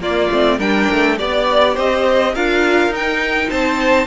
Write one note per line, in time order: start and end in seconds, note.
0.00 0.29 A#3
0.00 0.31 A#3
0.00 0.58 F4
0.00 0.60 D5
0.31 0.59 A3
0.31 0.60 C4
0.58 0.88 G3
0.58 1.18 D4
0.58 1.17 A#4
0.58 1.18 G5
0.92 1.21 A3
1.18 1.78 B3
1.18 2.35 G4
1.18 1.75 D5
1.18 1.78 D5
1.75 2.36 C4
1.75 2.33 C5
1.75 2.36 D#5
2.34 2.89 D4
2.34 2.93 F4
2.34 3.50 A#4
2.34 2.94 F5
2.89 3.47 D#4
2.89 4.07 D#4
2.96 3.50 G5
3.50 4.07 C4
3.50 4.07 C5
3.50 4.07 A5